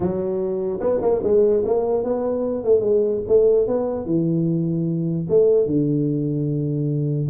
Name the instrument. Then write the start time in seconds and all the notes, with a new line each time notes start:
tuba
0.00 F#3
0.80 B3
1.01 A#3
1.23 G#3
1.65 A#3
2.03 B3
2.64 A3
2.80 G#3
3.27 A3
3.67 B3
4.05 E3
5.29 A3
5.66 D3